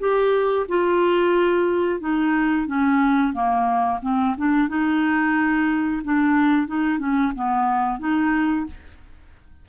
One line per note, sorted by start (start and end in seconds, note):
0.00 0.67 G4
0.69 2.00 F4
2.00 2.67 D#4
2.67 3.33 C#4
3.33 4.00 A#3
4.03 4.36 C4
4.38 4.69 D4
4.69 6.02 D#4
6.04 6.68 D4
6.68 6.99 D#4
6.99 7.33 C#4
7.35 8.00 B3
8.00 8.66 D#4